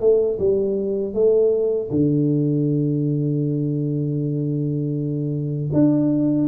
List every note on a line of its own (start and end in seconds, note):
0.00 0.38 A3
0.39 1.14 G3
1.14 1.90 A3
1.91 5.70 D3
5.73 6.48 D4